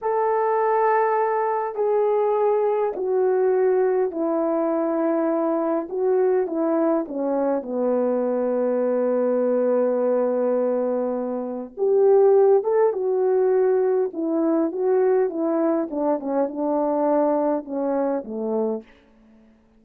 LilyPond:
\new Staff \with { instrumentName = "horn" } { \time 4/4 \tempo 4 = 102 a'2. gis'4~ | gis'4 fis'2 e'4~ | e'2 fis'4 e'4 | cis'4 b2.~ |
b1 | g'4. a'8 fis'2 | e'4 fis'4 e'4 d'8 cis'8 | d'2 cis'4 a4 | }